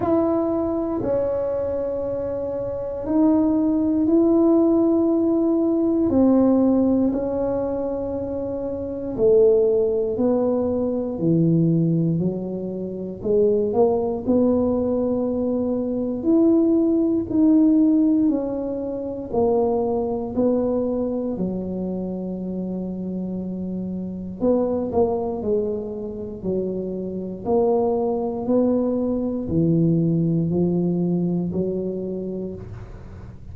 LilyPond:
\new Staff \with { instrumentName = "tuba" } { \time 4/4 \tempo 4 = 59 e'4 cis'2 dis'4 | e'2 c'4 cis'4~ | cis'4 a4 b4 e4 | fis4 gis8 ais8 b2 |
e'4 dis'4 cis'4 ais4 | b4 fis2. | b8 ais8 gis4 fis4 ais4 | b4 e4 f4 fis4 | }